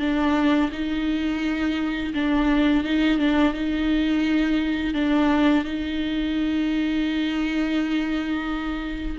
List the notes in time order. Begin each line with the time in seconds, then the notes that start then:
0.00 D4
0.73 D#4
2.14 D4
2.85 D#4
3.19 D4
3.54 D#4
4.94 D4
5.65 D#4